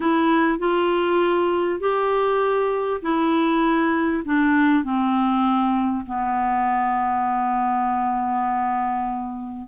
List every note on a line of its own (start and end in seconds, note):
0.00 0.58 E4
0.58 1.80 F4
1.80 3.01 G4
3.01 4.23 E4
4.25 4.84 D4
4.84 6.05 C4
6.06 9.68 B3